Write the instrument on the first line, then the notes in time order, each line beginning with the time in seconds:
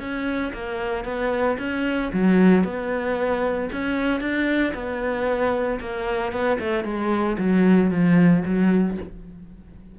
cello
0.00 C#4
0.54 A#3
1.05 B3
1.59 C#4
2.13 F#3
2.65 B3
3.72 C#4
4.21 D4
4.74 B3
5.81 A#3
6.32 B3
6.60 A3
6.85 G#3
7.38 F#3
7.91 F3
8.45 F#3